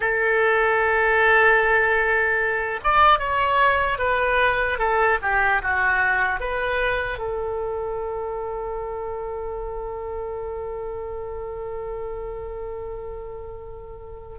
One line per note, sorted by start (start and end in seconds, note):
0.00 2.80 A4
2.83 3.19 D5
3.19 3.98 C#5
3.98 4.78 B4
4.78 5.18 A4
5.22 5.62 G4
5.62 6.40 F#4
6.40 7.18 B4
7.18 14.38 A4